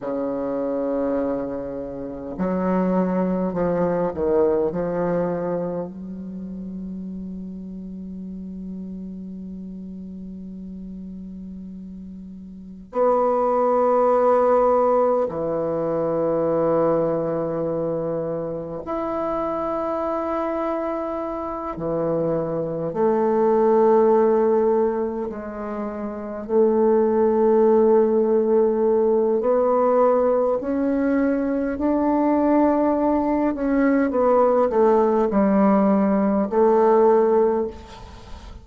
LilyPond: \new Staff \with { instrumentName = "bassoon" } { \time 4/4 \tempo 4 = 51 cis2 fis4 f8 dis8 | f4 fis2.~ | fis2. b4~ | b4 e2. |
e'2~ e'8 e4 a8~ | a4. gis4 a4.~ | a4 b4 cis'4 d'4~ | d'8 cis'8 b8 a8 g4 a4 | }